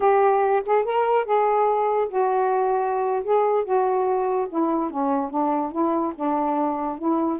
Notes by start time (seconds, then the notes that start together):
0.00 G4
0.65 G#4
0.84 A#4
1.25 G#4
2.09 F#4
3.23 G#4
3.64 F#4
4.49 E4
4.90 C#4
5.30 D4
5.71 E4
6.15 D4
6.98 E4